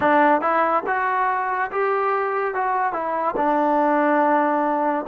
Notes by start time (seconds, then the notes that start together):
0.00 D4
0.41 E4
0.86 F#4
1.71 G4
2.54 F#4
2.92 E4
3.36 D4